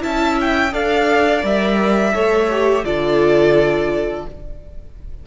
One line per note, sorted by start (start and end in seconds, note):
0.00 0.74 C#4
0.00 0.71 E4
0.00 0.73 E5
0.00 0.38 A5
0.41 0.74 G5
0.73 1.43 D4
0.73 1.41 A4
0.73 2.14 D5
0.73 1.44 F5
1.41 2.13 G3
1.41 2.12 A#4
1.41 2.85 E5
2.13 2.84 A3
2.13 2.49 A4
2.13 2.85 C#5
2.50 2.85 G4
2.84 4.25 D3
2.84 4.26 F4
2.84 4.26 A4
2.84 4.26 D5